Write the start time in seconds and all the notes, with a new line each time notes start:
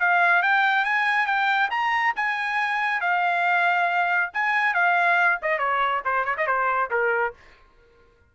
0.00 F5
0.43 G5
0.85 G#5
1.27 G5
1.71 A#5
2.16 G#5
3.01 F5
4.34 G#5
4.74 F5
5.42 D#5
5.59 C#5
6.05 C5
6.25 C#5
6.38 D#5
6.47 C5
6.91 A#4